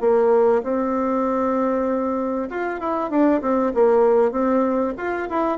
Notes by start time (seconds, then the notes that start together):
0.00 A#3
0.63 C4
2.49 F4
2.79 E4
3.10 D4
3.41 C4
3.74 A#3
4.31 C4
4.97 F4
5.29 E4